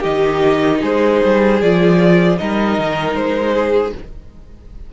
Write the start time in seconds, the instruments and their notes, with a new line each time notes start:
0.00 cello D#3, viola D#4, violin G4 D#5
0.81 cello G#3, violin G#4 C5
1.24 cello G3
1.61 cello F3, viola F4, violin D5
2.37 cello G3, viola D#4, violin A#4 D#5
2.78 cello D#3
3.14 cello G#3, violin C5
3.53 violin G#4